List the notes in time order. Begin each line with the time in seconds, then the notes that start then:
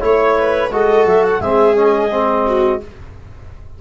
0.00 A3 E4 C#5
0.38 B4
0.71 G#3 F#4 A4 D#5
1.05 F#3 E5
1.23 F#5
1.40 G#3 C4 G#4 E5
1.75 C#4 D#5
2.10 C4
2.46 F#4